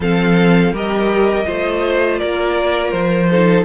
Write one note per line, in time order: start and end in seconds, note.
0.00 0.72 F3
0.00 0.74 C4
0.00 0.72 A4
0.00 0.74 F5
0.72 1.45 G3
0.72 1.45 G4
0.72 1.45 A#4
0.72 2.19 D#5
1.45 2.21 A3
1.45 3.28 F4
1.45 2.19 C5
2.19 2.92 A#3
2.19 3.29 A#4
2.19 2.91 D5
2.91 3.65 F3
2.91 3.64 C5
3.30 3.65 D#4
3.30 3.65 A4